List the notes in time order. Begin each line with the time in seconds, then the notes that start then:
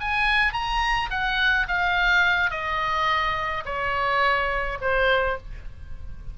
0.00 G#5
0.53 A#5
1.10 F#5
1.68 F5
2.51 D#5
3.65 C#5
4.81 C5